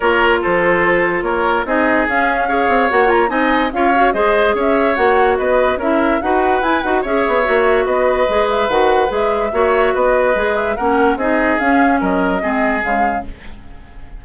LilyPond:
<<
  \new Staff \with { instrumentName = "flute" } { \time 4/4 \tempo 4 = 145 cis''4 c''2 cis''4 | dis''4 f''2 fis''8 ais''8 | gis''4 f''4 dis''4 e''4 | fis''4 dis''4 e''4 fis''4 |
gis''8 fis''8 e''2 dis''4~ | dis''8 e''8 fis''4 e''2 | dis''4. e''8 fis''4 dis''4 | f''4 dis''2 f''4 | }
  \new Staff \with { instrumentName = "oboe" } { \time 4/4 ais'4 a'2 ais'4 | gis'2 cis''2 | dis''4 cis''4 c''4 cis''4~ | cis''4 b'4 ais'4 b'4~ |
b'4 cis''2 b'4~ | b'2. cis''4 | b'2 ais'4 gis'4~ | gis'4 ais'4 gis'2 | }
  \new Staff \with { instrumentName = "clarinet" } { \time 4/4 f'1 | dis'4 cis'4 gis'4 fis'8 f'8 | dis'4 f'8 fis'8 gis'2 | fis'2 e'4 fis'4 |
e'8 fis'8 gis'4 fis'2 | gis'4 fis'4 gis'4 fis'4~ | fis'4 gis'4 cis'4 dis'4 | cis'2 c'4 gis4 | }
  \new Staff \with { instrumentName = "bassoon" } { \time 4/4 ais4 f2 ais4 | c'4 cis'4. c'8 ais4 | c'4 cis'4 gis4 cis'4 | ais4 b4 cis'4 dis'4 |
e'8 dis'8 cis'8 b8 ais4 b4 | gis4 dis4 gis4 ais4 | b4 gis4 ais4 c'4 | cis'4 fis4 gis4 cis4 | }
>>